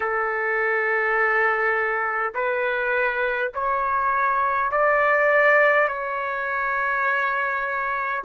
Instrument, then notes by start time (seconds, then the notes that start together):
trumpet
0.00 A4
2.34 B4
3.54 C#5
4.71 D5
5.88 C#5